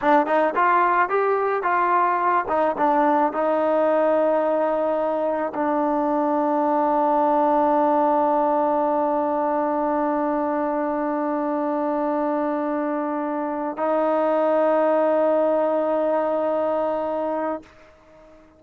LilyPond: \new Staff \with { instrumentName = "trombone" } { \time 4/4 \tempo 4 = 109 d'8 dis'8 f'4 g'4 f'4~ | f'8 dis'8 d'4 dis'2~ | dis'2 d'2~ | d'1~ |
d'1~ | d'1~ | d'4 dis'2.~ | dis'1 | }